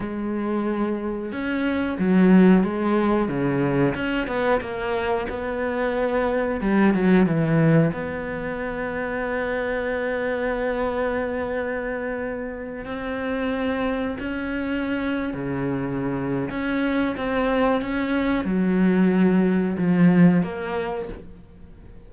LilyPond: \new Staff \with { instrumentName = "cello" } { \time 4/4 \tempo 4 = 91 gis2 cis'4 fis4 | gis4 cis4 cis'8 b8 ais4 | b2 g8 fis8 e4 | b1~ |
b2.~ b8 c'8~ | c'4. cis'4.~ cis'16 cis8.~ | cis4 cis'4 c'4 cis'4 | fis2 f4 ais4 | }